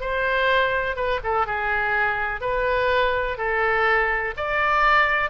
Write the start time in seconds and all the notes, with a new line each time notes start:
0.00 C5
0.96 B4
1.23 A4
1.46 G#4
2.41 B4
3.37 A4
4.37 D5